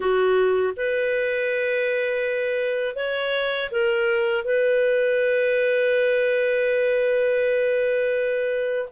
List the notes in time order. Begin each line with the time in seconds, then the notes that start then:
0.00 F#4
0.76 B4
2.95 C#5
3.71 A#4
4.44 B4